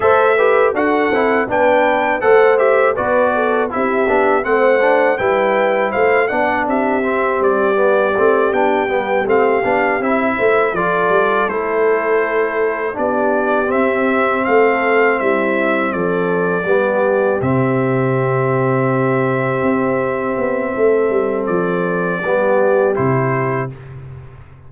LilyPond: <<
  \new Staff \with { instrumentName = "trumpet" } { \time 4/4 \tempo 4 = 81 e''4 fis''4 g''4 fis''8 e''8 | d''4 e''4 fis''4 g''4 | f''8 fis''8 e''4 d''4. g''8~ | g''8 f''4 e''4 d''4 c''8~ |
c''4. d''4 e''4 f''8~ | f''8 e''4 d''2 e''8~ | e''1~ | e''4 d''2 c''4 | }
  \new Staff \with { instrumentName = "horn" } { \time 4/4 c''8 b'8 a'4 b'4 c''4 | b'8 a'8 g'4 c''4 b'4 | c''8 d''8 g'2.~ | g'2 c''8 a'4.~ |
a'4. g'2 a'8~ | a'8 e'4 a'4 g'4.~ | g'1 | a'2 g'2 | }
  \new Staff \with { instrumentName = "trombone" } { \time 4/4 a'8 g'8 fis'8 e'8 d'4 a'8 g'8 | fis'4 e'8 d'8 c'8 d'8 e'4~ | e'8 d'4 c'4 b8 c'8 d'8 | b8 c'8 d'8 e'4 f'4 e'8~ |
e'4. d'4 c'4.~ | c'2~ c'8 b4 c'8~ | c'1~ | c'2 b4 e'4 | }
  \new Staff \with { instrumentName = "tuba" } { \time 4/4 a4 d'8 c'8 b4 a4 | b4 c'8 b8 a4 g4 | a8 b8 c'4 g4 a8 b8 | g8 a8 b8 c'8 a8 f8 g8 a8~ |
a4. b4 c'4 a8~ | a8 g4 f4 g4 c8~ | c2~ c8 c'4 b8 | a8 g8 f4 g4 c4 | }
>>